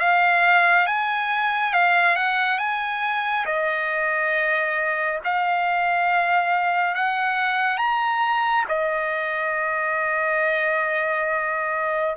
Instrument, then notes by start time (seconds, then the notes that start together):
trumpet
0.00 F5
0.87 G#5
1.73 F5
2.16 F#5
2.58 G#5
3.46 D#5
5.25 F5
6.95 F#5
7.78 A#5
8.68 D#5